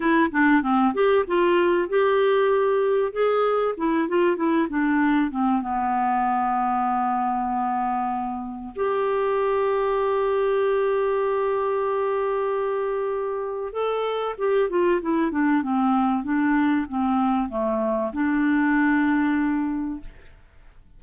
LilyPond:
\new Staff \with { instrumentName = "clarinet" } { \time 4/4 \tempo 4 = 96 e'8 d'8 c'8 g'8 f'4 g'4~ | g'4 gis'4 e'8 f'8 e'8 d'8~ | d'8 c'8 b2.~ | b2 g'2~ |
g'1~ | g'2 a'4 g'8 f'8 | e'8 d'8 c'4 d'4 c'4 | a4 d'2. | }